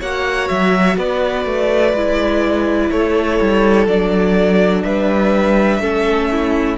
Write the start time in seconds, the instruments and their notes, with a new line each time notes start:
0.00 cello A#3, viola F#4, violin C#5 F#5
0.49 cello F#3, violin E5
0.97 cello B3, violin B4 D5
1.46 cello A3
1.94 cello G#3, viola E4
2.91 cello A3, violin A4 C#5
3.41 cello G3
3.87 cello F#3, viola D4, violin D5
4.83 cello G3, violin B4 E5
5.80 cello A3, viola C#4, violin A4
6.32 violin E4